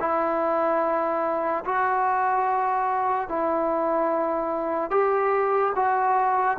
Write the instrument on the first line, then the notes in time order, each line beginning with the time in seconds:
trombone
0.00 E4
1.66 F#4
3.29 E4
4.91 G4
5.75 F#4